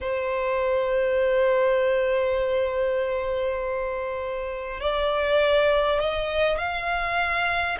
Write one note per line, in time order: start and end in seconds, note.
0.01 4.80 C5
4.80 5.99 D5
5.99 6.58 D#5
6.58 7.78 F5